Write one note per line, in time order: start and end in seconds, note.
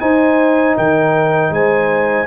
0.00 2.27 D#4
0.00 0.77 D#4
0.00 0.77 C5
0.00 0.76 G#5
0.77 1.50 D#3
0.77 1.52 A#4
0.77 1.53 G5
1.50 2.26 G#3
1.50 2.27 C5
1.50 2.27 G#5